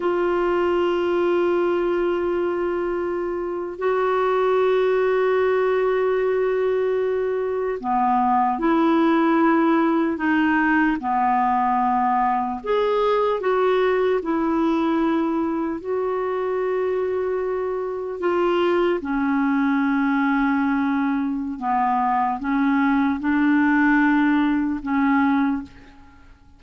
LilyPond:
\new Staff \with { instrumentName = "clarinet" } { \time 4/4 \tempo 4 = 75 f'1~ | f'8. fis'2.~ fis'16~ | fis'4.~ fis'16 b4 e'4~ e'16~ | e'8. dis'4 b2 gis'16~ |
gis'8. fis'4 e'2 fis'16~ | fis'2~ fis'8. f'4 cis'16~ | cis'2. b4 | cis'4 d'2 cis'4 | }